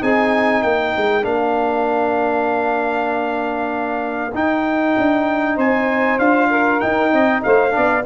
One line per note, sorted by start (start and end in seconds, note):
0.00 0.63 C4
0.00 1.22 D#4
0.00 0.62 G#4
0.00 0.62 G#5
0.62 0.94 A#3
0.62 5.55 A#4
0.62 1.24 G5
0.97 1.24 G#3
1.22 4.33 A#3
1.22 4.31 D4
1.22 4.34 F5
4.34 4.96 D#4
4.34 6.20 D#4
4.34 5.59 G5
4.97 5.57 D4
5.55 6.19 C4
5.55 6.48 C5
5.55 6.18 G#5
6.18 6.80 D4
6.18 6.81 F4
6.18 6.80 F5
6.49 7.11 A#4
6.80 7.70 D#4
6.80 7.12 D#4
6.80 7.41 G5
7.12 7.43 C4
7.12 7.43 D#5
7.43 7.76 A3
7.43 7.73 C5
7.43 8.05 F5
7.70 8.01 D4
7.70 8.04 D5
7.76 8.06 B3